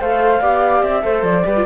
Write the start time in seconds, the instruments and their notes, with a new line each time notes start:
0.00 cello A3, viola A4, flute C5 F5
0.40 cello B3, viola G4, flute D5
0.82 cello C4, flute E5
1.02 cello A3, viola A4, flute C5
1.22 cello F3, flute D5
1.44 cello G3, viola G4, flute B4
1.56 viola F4